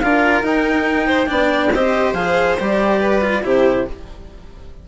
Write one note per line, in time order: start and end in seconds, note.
0.00 0.42 D4
0.00 0.44 F4
0.00 1.07 A#4
0.00 0.43 F5
0.42 1.28 D#4
0.42 1.27 D#4
0.42 1.75 G5
1.07 1.29 C5
1.27 1.73 B3
1.27 1.70 D4
1.27 1.73 D5
1.73 2.14 C4
1.73 2.15 G4
1.73 3.00 C5
1.73 2.14 D#5
2.14 2.57 F3
2.14 2.58 G#4
2.14 2.57 F5
2.60 3.45 G3
2.60 3.22 G4
2.60 3.46 D5
3.00 3.43 B4
3.22 3.43 F4
3.43 3.88 C3
3.43 3.86 E4
3.43 3.88 G4
3.43 3.89 C5